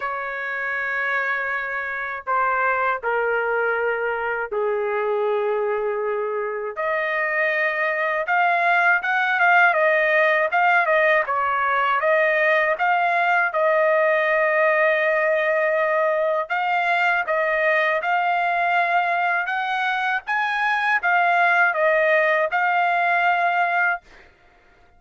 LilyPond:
\new Staff \with { instrumentName = "trumpet" } { \time 4/4 \tempo 4 = 80 cis''2. c''4 | ais'2 gis'2~ | gis'4 dis''2 f''4 | fis''8 f''8 dis''4 f''8 dis''8 cis''4 |
dis''4 f''4 dis''2~ | dis''2 f''4 dis''4 | f''2 fis''4 gis''4 | f''4 dis''4 f''2 | }